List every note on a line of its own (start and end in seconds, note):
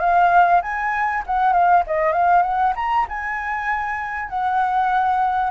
0.00 0.61 F5
0.62 1.24 G#5
1.26 1.53 F#5
1.53 1.83 F5
1.87 2.13 D#5
2.13 2.43 F5
2.43 2.73 F#5
2.76 3.06 A#5
3.09 4.29 G#5
4.29 5.50 F#5